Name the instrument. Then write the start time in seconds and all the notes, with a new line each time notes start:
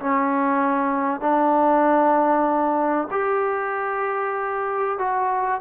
trombone
0.00 C#4
1.21 D4
3.11 G4
4.99 F#4